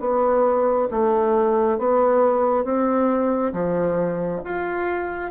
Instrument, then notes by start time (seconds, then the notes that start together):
bassoon
0.00 B3
0.91 A3
1.78 B3
2.64 C4
3.53 F3
4.44 F4